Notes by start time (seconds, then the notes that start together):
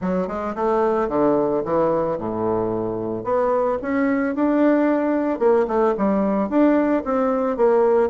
0.01 F#3
0.27 G#3
0.55 A3
1.08 D3
1.64 E3
2.17 A2
3.24 B3
3.82 C#4
4.35 D4
5.39 A#3
5.67 A3
5.97 G3
6.49 D4
7.04 C4
7.56 A#3